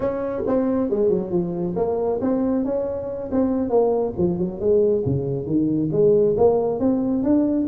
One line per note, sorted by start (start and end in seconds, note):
0.00 0.43 C#4
0.46 0.90 C4
0.90 1.09 G#3
1.09 1.31 F#3
1.31 1.74 F3
1.76 2.19 A#3
2.21 2.64 C4
2.64 3.30 C#4
3.31 3.69 C4
3.69 4.13 A#3
4.17 4.38 F3
4.38 4.60 F#3
4.60 5.03 G#3
5.05 5.46 C#3
5.46 5.90 D#3
5.91 6.35 G#3
6.37 6.79 A#3
6.79 7.23 C4
7.23 7.66 D4